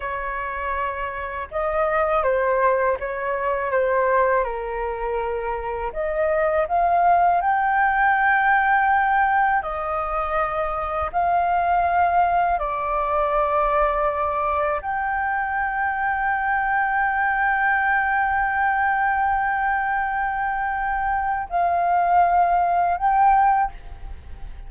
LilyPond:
\new Staff \with { instrumentName = "flute" } { \time 4/4 \tempo 4 = 81 cis''2 dis''4 c''4 | cis''4 c''4 ais'2 | dis''4 f''4 g''2~ | g''4 dis''2 f''4~ |
f''4 d''2. | g''1~ | g''1~ | g''4 f''2 g''4 | }